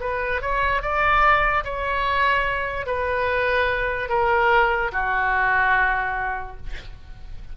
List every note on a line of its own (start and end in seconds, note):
0.00 0.41 B4
0.41 0.82 C#5
0.82 1.64 D5
1.64 2.86 C#5
2.86 4.09 B4
4.09 4.91 A#4
4.92 6.56 F#4